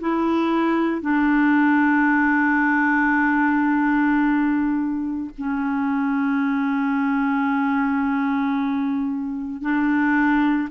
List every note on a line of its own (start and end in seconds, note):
0.00 1.01 E4
1.01 5.30 D4
5.38 9.61 C#4
9.61 10.69 D4